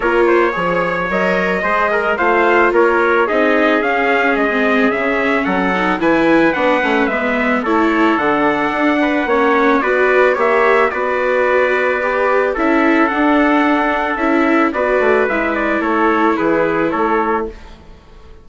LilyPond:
<<
  \new Staff \with { instrumentName = "trumpet" } { \time 4/4 \tempo 4 = 110 cis''2 dis''2 | f''4 cis''4 dis''4 f''4 | dis''4 e''4 fis''4 gis''4 | fis''4 e''4 cis''4 fis''4~ |
fis''2 d''4 e''4 | d''2. e''4 | fis''2 e''4 d''4 | e''8 d''8 cis''4 b'4 cis''4 | }
  \new Staff \with { instrumentName = "trumpet" } { \time 4/4 ais'8 c''8 cis''2 c''8 ais'8 | c''4 ais'4 gis'2~ | gis'2 a'4 b'4~ | b'2 a'2~ |
a'8 b'8 cis''4 b'4 cis''4 | b'2. a'4~ | a'2. b'4~ | b'4 a'4 gis'4 a'4 | }
  \new Staff \with { instrumentName = "viola" } { \time 4/4 f'4 gis'4 ais'4 gis'4 | f'2 dis'4 cis'4~ | cis'16 c'8. cis'4. dis'8 e'4 | d'8 cis'8 b4 e'4 d'4~ |
d'4 cis'4 fis'4 g'4 | fis'2 g'4 e'4 | d'2 e'4 fis'4 | e'1 | }
  \new Staff \with { instrumentName = "bassoon" } { \time 4/4 ais4 f4 fis4 gis4 | a4 ais4 c'4 cis'4 | gis4 cis4 fis4 e4 | b8 a8 gis4 a4 d4 |
d'4 ais4 b4 ais4 | b2. cis'4 | d'2 cis'4 b8 a8 | gis4 a4 e4 a4 | }
>>